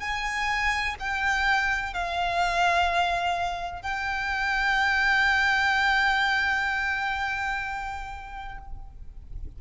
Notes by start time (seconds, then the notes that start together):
0.00 G#5
0.99 G5
1.94 F5
3.82 G5